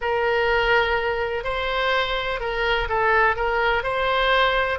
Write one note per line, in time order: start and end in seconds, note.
0.01 1.44 A#4
1.44 2.40 C5
2.40 2.88 A#4
2.88 3.36 A4
3.36 3.83 A#4
3.83 4.79 C5